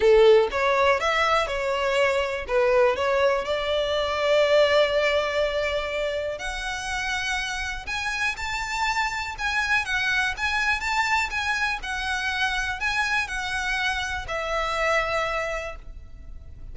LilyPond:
\new Staff \with { instrumentName = "violin" } { \time 4/4 \tempo 4 = 122 a'4 cis''4 e''4 cis''4~ | cis''4 b'4 cis''4 d''4~ | d''1~ | d''4 fis''2. |
gis''4 a''2 gis''4 | fis''4 gis''4 a''4 gis''4 | fis''2 gis''4 fis''4~ | fis''4 e''2. | }